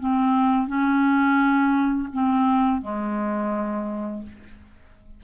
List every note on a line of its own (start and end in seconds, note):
0.00 0.68 C4
0.68 2.09 C#4
2.13 2.82 C4
2.82 4.23 G#3